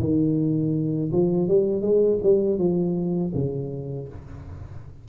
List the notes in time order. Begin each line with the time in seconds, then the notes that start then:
0.00 D#3
1.12 F3
1.48 G3
1.82 G#3
2.23 G3
2.59 F3
3.35 C#3